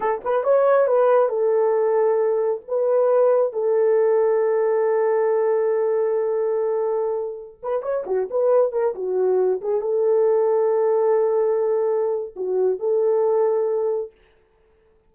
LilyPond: \new Staff \with { instrumentName = "horn" } { \time 4/4 \tempo 4 = 136 a'8 b'8 cis''4 b'4 a'4~ | a'2 b'2 | a'1~ | a'1~ |
a'4~ a'16 b'8 cis''8 fis'8 b'4 ais'16~ | ais'16 fis'4. gis'8 a'4.~ a'16~ | a'1 | fis'4 a'2. | }